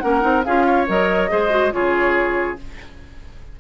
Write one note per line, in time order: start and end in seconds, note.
0.00 0.24 A#3
0.00 0.21 C#4
0.00 0.46 A#4
0.00 0.43 F#5
0.21 0.46 C4
0.21 0.42 D#4
0.44 0.89 C#4
0.44 0.87 F4
0.44 0.67 G#4
0.44 0.87 F5
0.67 1.31 C#5
0.87 1.32 F#3
0.87 1.30 A#4
0.87 1.73 D#5
1.30 1.74 G#3
1.30 1.50 G#4
1.30 1.74 C5
1.50 1.72 F#4
1.72 2.59 C#3
1.72 2.57 F4
1.72 2.60 G#4
1.72 2.58 C#5